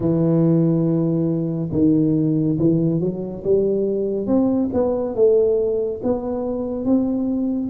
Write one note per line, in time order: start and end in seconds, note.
0.00 1.69 E3
1.72 2.58 D#3
2.59 3.00 E3
3.00 3.43 F#3
3.44 4.26 G3
4.26 4.69 C4
4.73 5.15 B3
5.15 6.01 A3
6.03 6.85 B3
6.85 7.70 C4